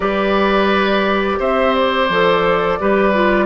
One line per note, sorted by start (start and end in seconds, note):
0.00 1.38 G3
0.00 2.08 G4
0.00 1.38 B4
0.00 1.40 D5
1.39 2.09 C4
1.39 2.78 C5
1.39 1.74 E5
1.74 3.45 D5
2.09 2.78 F3
2.09 2.80 A4
2.80 3.45 G3
2.80 3.13 G4
2.80 3.45 B4
3.13 3.45 F4